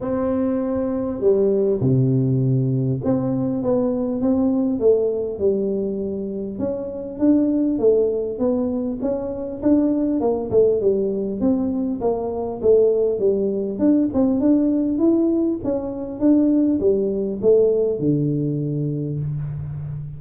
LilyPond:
\new Staff \with { instrumentName = "tuba" } { \time 4/4 \tempo 4 = 100 c'2 g4 c4~ | c4 c'4 b4 c'4 | a4 g2 cis'4 | d'4 a4 b4 cis'4 |
d'4 ais8 a8 g4 c'4 | ais4 a4 g4 d'8 c'8 | d'4 e'4 cis'4 d'4 | g4 a4 d2 | }